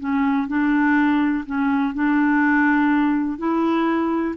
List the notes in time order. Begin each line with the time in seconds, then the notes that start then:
0.00 C#4
0.48 D4
1.46 C#4
1.94 D4
3.38 E4